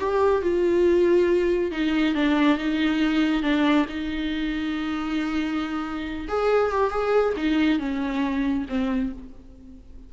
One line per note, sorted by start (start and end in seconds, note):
0.00 0.42 G4
0.42 1.72 F4
1.72 2.15 D#4
2.15 2.58 D4
2.58 3.43 D#4
3.43 3.86 D4
3.89 6.28 D#4
6.28 6.71 G#4
6.71 6.90 G4
6.90 7.34 G#4
7.37 7.79 D#4
7.79 8.66 C#4
8.69 9.13 C4